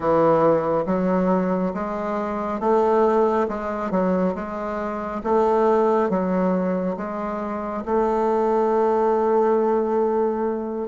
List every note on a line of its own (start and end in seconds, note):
0.00 0.84 E3
0.86 1.73 F#3
1.74 2.60 G#3
2.60 3.47 A3
3.48 3.91 G#3
3.91 4.34 F#3
4.34 5.21 G#3
5.23 6.09 A3
6.09 6.96 F#3
6.96 7.83 G#3
7.85 10.88 A3